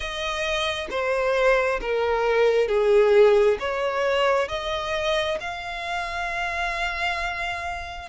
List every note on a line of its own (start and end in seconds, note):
0.00 0.87 D#5
0.90 1.80 C5
1.81 2.68 A#4
2.68 3.57 G#4
3.59 4.48 C#5
4.48 5.37 D#5
5.40 8.08 F5